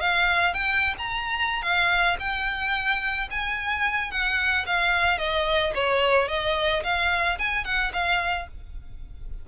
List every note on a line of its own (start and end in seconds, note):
0.00 0.53 F5
0.53 0.94 G5
0.98 1.62 A#5
1.62 2.16 F5
2.19 3.28 G5
3.30 4.10 G#5
4.10 4.65 F#5
4.66 5.18 F5
5.18 5.72 D#5
5.74 6.28 C#5
6.28 6.83 D#5
6.83 7.38 F5
7.38 7.64 G#5
7.64 7.91 F#5
7.93 8.47 F5